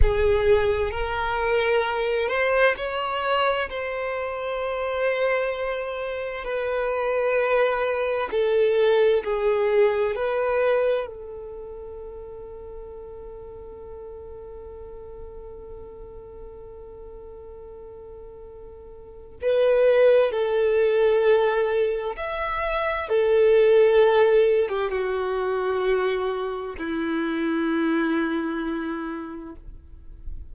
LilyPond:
\new Staff \with { instrumentName = "violin" } { \time 4/4 \tempo 4 = 65 gis'4 ais'4. c''8 cis''4 | c''2. b'4~ | b'4 a'4 gis'4 b'4 | a'1~ |
a'1~ | a'4 b'4 a'2 | e''4 a'4.~ a'16 g'16 fis'4~ | fis'4 e'2. | }